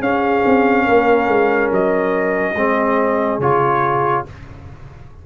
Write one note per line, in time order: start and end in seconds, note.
0.00 0.42 C#4
0.00 2.55 C#4
0.00 0.84 G#4
0.00 1.71 F5
0.46 0.88 C4
0.84 1.28 A#3
0.84 2.53 A#4
1.28 1.70 G#3
1.72 2.55 F#3
1.72 3.40 D#5
2.55 3.39 G#3
2.55 3.42 C4
2.55 4.24 G#4
3.39 4.24 C#3
3.39 4.26 F4
3.39 4.25 C#5